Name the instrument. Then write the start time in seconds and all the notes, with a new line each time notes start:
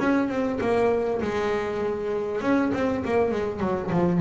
double bass
0.00 C#4
0.29 C4
0.61 A#3
1.22 G#3
2.42 C#4
2.74 C4
3.05 A#3
3.31 G#3
3.60 F#3
3.91 F3